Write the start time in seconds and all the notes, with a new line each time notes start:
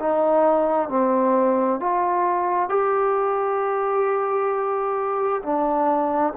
0.00 D#4
0.89 C4
1.81 F4
2.69 G4
5.43 D4